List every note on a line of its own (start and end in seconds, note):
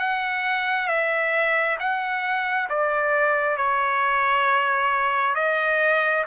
0.00 0.88 F#5
0.88 1.78 E5
1.80 2.69 F#5
2.70 3.57 D5
3.57 5.36 C#5
5.36 6.25 D#5